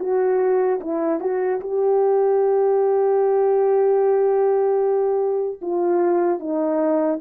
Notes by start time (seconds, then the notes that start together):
0.00 F#4
0.81 E4
1.20 F#4
1.61 G4
5.62 F4
6.40 D#4